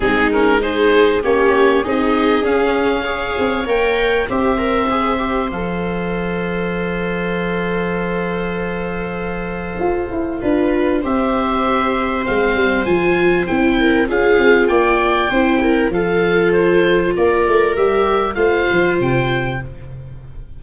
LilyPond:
<<
  \new Staff \with { instrumentName = "oboe" } { \time 4/4 \tempo 4 = 98 gis'8 ais'8 c''4 cis''4 dis''4 | f''2 g''4 e''4~ | e''4 f''2.~ | f''1~ |
f''2 e''2 | f''4 gis''4 g''4 f''4 | g''2 f''4 c''4 | d''4 e''4 f''4 g''4 | }
  \new Staff \with { instrumentName = "viola" } { \time 4/4 dis'4 gis'4 g'4 gis'4~ | gis'4 cis''2 c''4~ | c''1~ | c''1~ |
c''4 b'4 c''2~ | c''2~ c''8 ais'8 gis'4 | d''4 c''8 ais'8 a'2 | ais'2 c''2 | }
  \new Staff \with { instrumentName = "viola" } { \time 4/4 c'8 cis'8 dis'4 cis'4 dis'4 | cis'4 gis'4 ais'4 g'8 ais'8 | gis'8 g'8 a'2.~ | a'1~ |
a'4 f'4 g'2 | c'4 f'4 e'4 f'4~ | f'4 e'4 f'2~ | f'4 g'4 f'2 | }
  \new Staff \with { instrumentName = "tuba" } { \time 4/4 gis2 ais4 c'4 | cis'4. c'8 ais4 c'4~ | c'4 f2.~ | f1 |
f'8 e'8 d'4 c'2 | gis8 g8 f4 c'4 cis'8 c'8 | ais4 c'4 f2 | ais8 a8 g4 a8 f8 c4 | }
>>